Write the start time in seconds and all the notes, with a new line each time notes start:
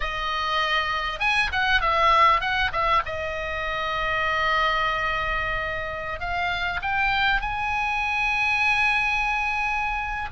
0.00 D#5
1.19 G#5
1.52 F#5
1.81 E5
2.40 F#5
2.72 E5
3.05 D#5
6.20 F5
6.82 G5
7.41 G#5